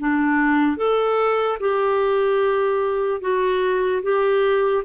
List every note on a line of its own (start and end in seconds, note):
0.00 0.78 D4
0.78 1.59 A4
1.60 3.22 G4
3.22 4.03 F#4
4.03 4.84 G4